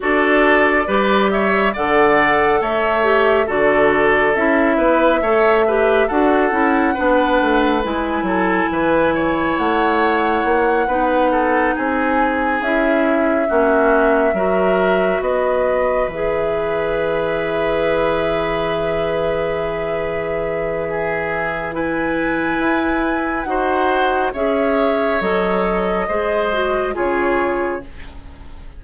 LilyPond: <<
  \new Staff \with { instrumentName = "flute" } { \time 4/4 \tempo 4 = 69 d''4. e''8 fis''4 e''4 | d''4 e''2 fis''4~ | fis''4 gis''2 fis''4~ | fis''4. gis''4 e''4.~ |
e''4. dis''4 e''4.~ | e''1~ | e''4 gis''2 fis''4 | e''4 dis''2 cis''4 | }
  \new Staff \with { instrumentName = "oboe" } { \time 4/4 a'4 b'8 cis''8 d''4 cis''4 | a'4. b'8 cis''8 b'8 a'4 | b'4. a'8 b'8 cis''4.~ | cis''8 b'8 a'8 gis'2 fis'8~ |
fis'8 ais'4 b'2~ b'8~ | b'1 | gis'4 b'2 c''4 | cis''2 c''4 gis'4 | }
  \new Staff \with { instrumentName = "clarinet" } { \time 4/4 fis'4 g'4 a'4. g'8 | fis'4 e'4 a'8 g'8 fis'8 e'8 | d'4 e'2.~ | e'8 dis'2 e'4 cis'8~ |
cis'8 fis'2 gis'4.~ | gis'1~ | gis'4 e'2 fis'4 | gis'4 a'4 gis'8 fis'8 f'4 | }
  \new Staff \with { instrumentName = "bassoon" } { \time 4/4 d'4 g4 d4 a4 | d4 cis'8 b8 a4 d'8 cis'8 | b8 a8 gis8 fis8 e4 a4 | ais8 b4 c'4 cis'4 ais8~ |
ais8 fis4 b4 e4.~ | e1~ | e2 e'4 dis'4 | cis'4 fis4 gis4 cis4 | }
>>